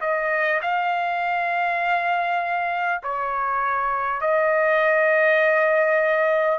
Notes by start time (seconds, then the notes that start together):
0.00 D#5
0.61 F5
3.03 C#5
4.21 D#5